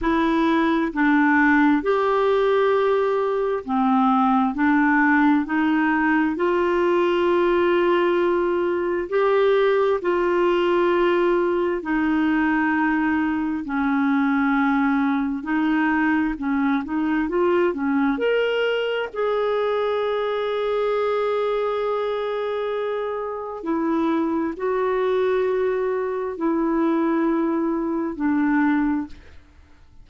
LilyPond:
\new Staff \with { instrumentName = "clarinet" } { \time 4/4 \tempo 4 = 66 e'4 d'4 g'2 | c'4 d'4 dis'4 f'4~ | f'2 g'4 f'4~ | f'4 dis'2 cis'4~ |
cis'4 dis'4 cis'8 dis'8 f'8 cis'8 | ais'4 gis'2.~ | gis'2 e'4 fis'4~ | fis'4 e'2 d'4 | }